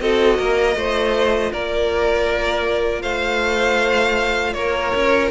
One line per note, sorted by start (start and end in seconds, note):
0.00 0.39 C4
0.00 0.76 F#4
0.00 0.39 A4
0.00 1.53 D#5
0.39 0.76 A#3
0.39 0.77 A#4
0.76 1.52 A3
0.76 5.31 F4
0.76 1.52 C5
1.52 3.03 A#3
1.52 3.03 A#4
1.52 3.02 D5
3.02 4.55 A3
3.02 4.55 C5
3.02 4.54 F5
4.54 4.93 A#3
4.54 5.31 A#4
4.54 5.30 C#5
4.96 5.31 C#4